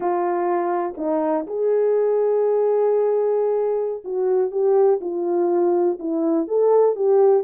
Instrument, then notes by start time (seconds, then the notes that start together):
horn
0.00 F4
0.97 D#4
1.46 G#4
4.04 F#4
4.51 G4
5.00 F4
5.99 E4
6.47 A4
6.95 G4